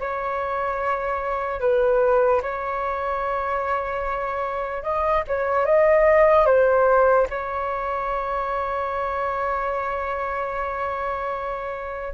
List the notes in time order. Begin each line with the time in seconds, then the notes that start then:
0.00 C#5
1.61 B4
2.43 C#5
4.84 D#5
5.28 C#5
5.66 D#5
6.46 C5
7.30 C#5